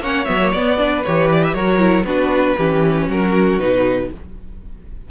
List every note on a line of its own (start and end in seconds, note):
0.00 0.25 A#3
0.00 0.26 C#4
0.00 0.78 C#5
0.00 0.25 F#5
0.25 0.53 F#3
0.25 0.39 B3
0.25 0.50 E5
0.42 0.55 A#3
0.52 1.04 B3
0.52 0.78 B3
0.52 1.03 D5
0.78 1.03 D4
0.78 1.55 B4
1.03 1.54 E3
1.03 1.55 G4
1.03 1.29 C#5
1.32 1.44 D5
1.44 1.54 E5
1.54 2.04 F#3
1.54 1.79 F#4
1.54 2.06 A#4
1.54 2.05 C#5
1.79 2.04 E4
2.04 2.55 B3
2.04 2.57 D4
2.04 2.57 F#4
2.04 3.08 B4
2.57 3.08 E3
2.57 3.59 C#4
2.57 3.07 G4
3.07 3.58 F#3
3.07 4.09 F#4
3.07 3.59 A#4
3.58 4.09 B2
3.58 4.10 D#4
3.58 4.10 B4